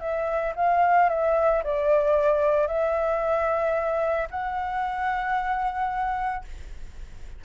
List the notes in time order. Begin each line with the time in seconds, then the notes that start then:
0.00 E5
0.56 F5
1.09 E5
1.64 D5
2.67 E5
4.31 F#5